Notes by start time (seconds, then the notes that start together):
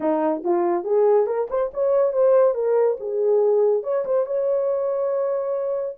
0.00 D#4
0.44 F4
0.84 G#4
1.26 A#4
1.50 C5
1.73 C#5
2.12 C5
2.54 A#4
3.00 G#4
3.83 C#5
4.05 C5
4.26 C#5